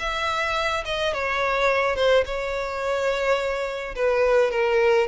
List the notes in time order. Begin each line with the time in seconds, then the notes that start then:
0.00 E5
0.86 D#5
1.14 C#5
1.96 C5
2.26 C#5
3.96 B4
4.52 A#4